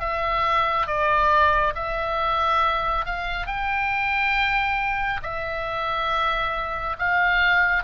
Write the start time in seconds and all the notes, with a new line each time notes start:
0.00 E5
0.87 D5
1.75 E5
3.06 F5
3.47 G5
5.23 E5
6.99 F5